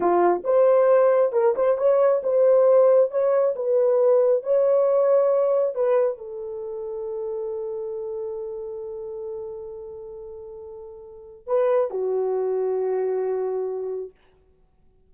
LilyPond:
\new Staff \with { instrumentName = "horn" } { \time 4/4 \tempo 4 = 136 f'4 c''2 ais'8 c''8 | cis''4 c''2 cis''4 | b'2 cis''2~ | cis''4 b'4 a'2~ |
a'1~ | a'1~ | a'2 b'4 fis'4~ | fis'1 | }